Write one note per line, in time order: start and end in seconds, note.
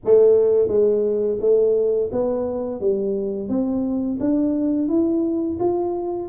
0.04 0.68 A3
0.68 1.37 G#3
1.40 2.10 A3
2.12 2.80 B3
2.80 3.49 G3
3.49 4.18 C4
4.20 4.88 D4
4.88 5.58 E4
5.59 6.29 F4